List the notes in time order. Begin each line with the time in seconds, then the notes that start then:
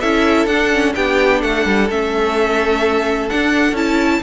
0.00 C#4 E4 A4 E5
0.46 D4 F#5
0.72 C#4
0.95 B3 D4 G4 G5
1.40 A3 A4 F#5
1.65 G3
1.89 A3 C#4 E5
3.29 D4 F#5
3.71 C#4 E4 A5